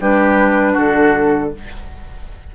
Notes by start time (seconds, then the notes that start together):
0.00 G3 D4 G4 B4
0.73 D3 F#4 A4